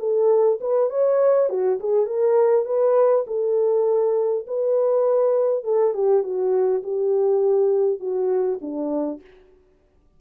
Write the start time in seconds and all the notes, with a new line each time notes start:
0.00 A4
0.61 B4
0.90 C#5
1.50 F#4
1.80 G#4
2.06 A#4
2.66 B4
3.27 A4
4.47 B4
5.64 A4
5.94 G4
6.23 F#4
6.83 G4
8.00 F#4
8.62 D4